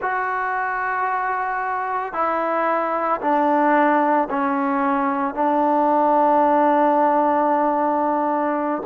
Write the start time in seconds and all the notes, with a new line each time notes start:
0.01 F#4
2.13 E4
3.21 D4
4.30 C#4
5.34 D4